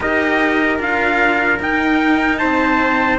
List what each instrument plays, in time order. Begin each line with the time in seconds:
0.00 cello D#4 G4, trumpet A#4 D#5
0.78 cello D4 F4, trumpet F5
1.59 cello D#4, trumpet G5
2.38 cello C4, trumpet C5 A5